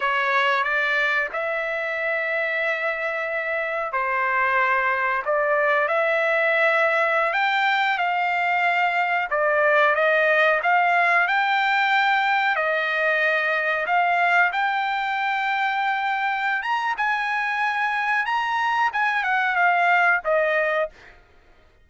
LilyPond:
\new Staff \with { instrumentName = "trumpet" } { \time 4/4 \tempo 4 = 92 cis''4 d''4 e''2~ | e''2 c''2 | d''4 e''2~ e''16 g''8.~ | g''16 f''2 d''4 dis''8.~ |
dis''16 f''4 g''2 dis''8.~ | dis''4~ dis''16 f''4 g''4.~ g''16~ | g''4. ais''8 gis''2 | ais''4 gis''8 fis''8 f''4 dis''4 | }